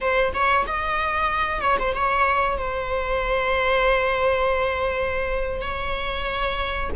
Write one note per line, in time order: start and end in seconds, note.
0.00 0.33 C5
0.33 0.66 C#5
0.67 1.61 D#5
1.61 1.77 C#5
1.79 1.94 C5
1.94 2.57 C#5
2.57 5.61 C5
5.61 6.90 C#5